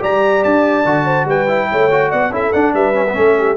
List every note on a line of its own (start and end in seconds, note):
0.00 0.45 G3
0.00 0.84 G4
0.00 1.05 D5
0.00 0.44 A#5
0.44 0.85 D4
0.44 1.28 A5
0.85 1.25 D3
0.85 1.48 F#4
1.05 1.26 C5
1.25 1.67 G3
1.25 1.69 B4
1.25 2.12 G5
1.48 1.90 E4
1.71 2.13 A3
1.71 2.10 C#5
1.91 2.32 F#4
2.10 2.30 B3
2.10 2.31 D5
2.10 2.33 F#5
2.30 2.51 C#4
2.30 2.53 E4
2.30 2.74 A4
2.30 2.53 E5
2.53 2.94 D4
2.53 2.74 D4
2.53 2.74 F#5
2.74 3.16 G3
2.74 3.16 B4
2.74 3.57 E5
2.94 3.05 C#4
3.08 3.14 B3
3.14 3.57 A3
3.14 3.56 C#4
3.14 3.37 A4
3.39 3.57 G4